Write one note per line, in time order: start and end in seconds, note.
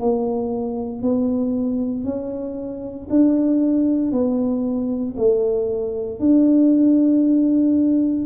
0.00 1.02 A#3
1.02 2.05 B3
2.05 3.08 C#4
3.10 4.12 D4
4.12 5.15 B3
5.17 6.19 A3
6.19 8.26 D4